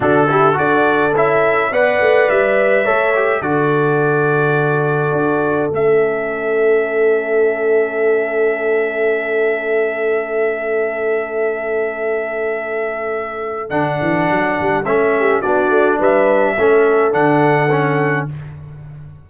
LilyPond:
<<
  \new Staff \with { instrumentName = "trumpet" } { \time 4/4 \tempo 4 = 105 a'4 d''4 e''4 fis''4 | e''2 d''2~ | d''2 e''2~ | e''1~ |
e''1~ | e''1 | fis''2 e''4 d''4 | e''2 fis''2 | }
  \new Staff \with { instrumentName = "horn" } { \time 4/4 fis'8 g'8 a'2 d''4~ | d''4 cis''4 a'2~ | a'1~ | a'1~ |
a'1~ | a'1~ | a'2~ a'8 g'8 fis'4 | b'4 a'2. | }
  \new Staff \with { instrumentName = "trombone" } { \time 4/4 d'8 e'8 fis'4 e'4 b'4~ | b'4 a'8 g'8 fis'2~ | fis'2 cis'2~ | cis'1~ |
cis'1~ | cis'1 | d'2 cis'4 d'4~ | d'4 cis'4 d'4 cis'4 | }
  \new Staff \with { instrumentName = "tuba" } { \time 4/4 d4 d'4 cis'4 b8 a8 | g4 a4 d2~ | d4 d'4 a2~ | a1~ |
a1~ | a1 | d8 e8 fis8 g8 a4 b8 a8 | g4 a4 d2 | }
>>